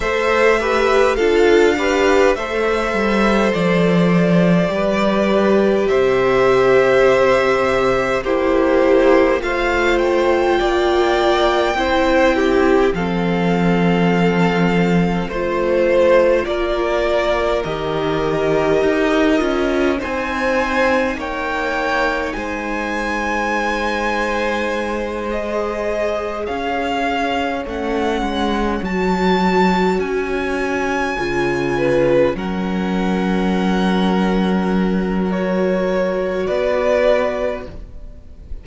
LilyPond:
<<
  \new Staff \with { instrumentName = "violin" } { \time 4/4 \tempo 4 = 51 e''4 f''4 e''4 d''4~ | d''4 e''2 c''4 | f''8 g''2~ g''8 f''4~ | f''4 c''4 d''4 dis''4~ |
dis''4 gis''4 g''4 gis''4~ | gis''4. dis''4 f''4 fis''8~ | fis''8 a''4 gis''2 fis''8~ | fis''2 cis''4 d''4 | }
  \new Staff \with { instrumentName = "violin" } { \time 4/4 c''8 b'8 a'8 b'8 c''2 | b'4 c''2 g'4 | c''4 d''4 c''8 g'8 a'4~ | a'4 c''4 ais'2~ |
ais'4 c''4 cis''4 c''4~ | c''2~ c''8 cis''4.~ | cis''2. b'8 ais'8~ | ais'2. b'4 | }
  \new Staff \with { instrumentName = "viola" } { \time 4/4 a'8 g'8 f'8 g'8 a'2 | g'2. e'4 | f'2 e'4 c'4~ | c'4 f'2 g'4~ |
g'8 f'8 dis'2.~ | dis'4. gis'2 cis'8~ | cis'8 fis'2 f'4 cis'8~ | cis'2 fis'2 | }
  \new Staff \with { instrumentName = "cello" } { \time 4/4 a4 d'4 a8 g8 f4 | g4 c2 ais4 | a4 ais4 c'4 f4~ | f4 a4 ais4 dis4 |
dis'8 cis'8 c'4 ais4 gis4~ | gis2~ gis8 cis'4 a8 | gis8 fis4 cis'4 cis4 fis8~ | fis2. b4 | }
>>